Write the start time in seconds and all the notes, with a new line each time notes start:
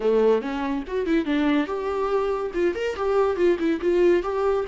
0.00 A3
0.41 C#4
0.87 F#4
1.06 E4
1.25 D4
1.67 G4
2.54 F4
2.74 A#4
2.96 G4
3.36 F4
3.59 E4
3.81 F4
4.22 G4